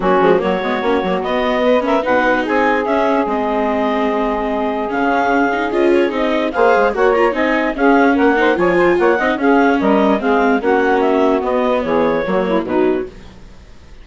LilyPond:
<<
  \new Staff \with { instrumentName = "clarinet" } { \time 4/4 \tempo 4 = 147 fis'4 cis''2 dis''4~ | dis''8 e''8 fis''4 gis''4 e''4 | dis''1 | f''2 dis''8 cis''8 dis''4 |
f''4 fis''8 ais''8 gis''4 f''4 | fis''4 gis''4 fis''4 f''4 | dis''4 f''4 fis''4 e''4 | dis''4 cis''2 b'4 | }
  \new Staff \with { instrumentName = "saxophone" } { \time 4/4 cis'4 fis'2. | b'8 ais'8 b'4 gis'2~ | gis'1~ | gis'1 |
c''4 cis''4 dis''4 gis'4 | ais'8 c''8 cis''8 c''8 cis''8 dis''8 gis'4 | ais'4 gis'4 fis'2~ | fis'4 gis'4 fis'8 e'8 dis'4 | }
  \new Staff \with { instrumentName = "viola" } { \time 4/4 ais8 gis8 ais8 b8 cis'8 ais8 b4~ | b8 cis'8 dis'2 cis'4 | c'1 | cis'4. dis'8 f'4 dis'4 |
gis'4 fis'8 f'8 dis'4 cis'4~ | cis'8 dis'8 f'4. dis'8 cis'4~ | cis'4 c'4 cis'2 | b2 ais4 fis4 | }
  \new Staff \with { instrumentName = "bassoon" } { \time 4/4 fis8 f8 fis8 gis8 ais8 fis8 b4~ | b4 b,4 c'4 cis'4 | gis1 | cis2 cis'4 c'4 |
ais8 gis8 ais4 c'4 cis'4 | ais4 f4 ais8 c'8 cis'4 | g4 gis4 ais2 | b4 e4 fis4 b,4 | }
>>